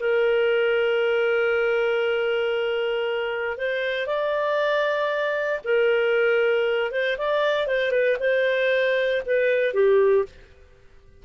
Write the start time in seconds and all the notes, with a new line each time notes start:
0.00 A#4
3.58 C5
4.07 D5
5.65 A#4
6.92 C5
7.18 D5
7.67 C5
7.92 B4
8.20 C5
9.26 B4
9.74 G4